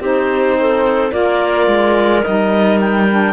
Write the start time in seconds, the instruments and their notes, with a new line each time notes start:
0.00 cello C4, saxophone D#4, clarinet G4 C5
0.60 clarinet A4
1.10 cello A#3, saxophone F4, clarinet A#4 D5
1.67 cello G#3
2.23 cello G3, saxophone D#4, clarinet D#5
2.80 clarinet G5
3.10 saxophone D4